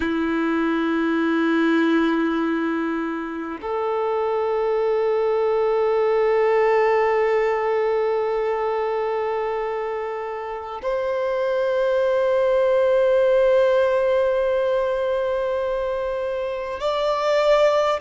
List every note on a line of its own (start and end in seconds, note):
0.00 3.58 E4
3.61 10.81 A4
10.82 16.80 C5
16.80 18.00 D5